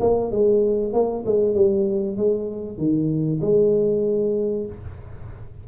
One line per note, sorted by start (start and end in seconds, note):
0.00 0.31 A#3
0.31 0.93 G#3
0.93 1.24 A#3
1.26 1.54 G#3
1.54 2.17 G3
2.17 2.77 G#3
2.77 3.40 D#3
3.41 4.66 G#3